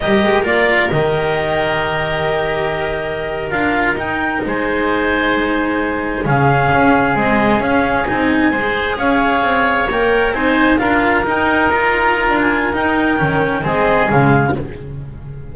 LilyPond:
<<
  \new Staff \with { instrumentName = "clarinet" } { \time 4/4 \tempo 4 = 132 dis''4 d''4 dis''2~ | dis''2.~ dis''8. f''16~ | f''8. g''4 gis''2~ gis''16~ | gis''4.~ gis''16 f''2 dis''16~ |
dis''8. f''4 gis''2 f''16~ | f''4.~ f''16 g''4 gis''4 f''16~ | f''8. g''4 ais''4. gis''8. | g''2 dis''4 f''4 | }
  \new Staff \with { instrumentName = "oboe" } { \time 4/4 ais'1~ | ais'1~ | ais'4.~ ais'16 c''2~ c''16~ | c''4.~ c''16 gis'2~ gis'16~ |
gis'2~ gis'8. c''4 cis''16~ | cis''2~ cis''8. c''4 ais'16~ | ais'1~ | ais'2 gis'2 | }
  \new Staff \with { instrumentName = "cello" } { \time 4/4 g'4 f'4 g'2~ | g'2.~ g'8. f'16~ | f'8. dis'2.~ dis'16~ | dis'4.~ dis'16 cis'2 gis16~ |
gis8. cis'4 dis'4 gis'4~ gis'16~ | gis'4.~ gis'16 ais'4 dis'4 f'16~ | f'8. dis'4 f'2~ f'16 | dis'4 cis'4 c'4 gis4 | }
  \new Staff \with { instrumentName = "double bass" } { \time 4/4 g8 gis8 ais4 dis2~ | dis2.~ dis8. d'16~ | d'8. dis'4 gis2~ gis16~ | gis4.~ gis16 cis4 cis'4 c'16~ |
c'8. cis'4 c'4 gis4 cis'16~ | cis'8. c'4 ais4 c'4 d'16~ | d'8. dis'2~ dis'16 d'4 | dis'4 dis4 gis4 cis4 | }
>>